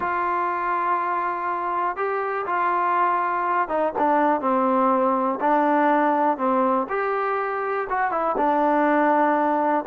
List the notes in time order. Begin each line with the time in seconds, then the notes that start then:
0.00 F4
1.96 G4
2.46 F4
3.68 D#4
3.98 D4
4.40 C4
5.40 D4
6.37 C4
6.89 G4
7.89 F#4
8.11 E4
8.37 D4